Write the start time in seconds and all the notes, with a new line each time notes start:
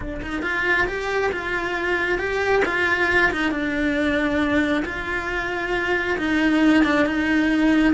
0.00 D4
0.22 D#4
0.42 F4
0.87 G4
1.32 F4
2.18 G4
2.65 F4
3.32 D#4
3.51 D4
4.85 F4
6.18 D#4
6.84 D4
7.05 D#4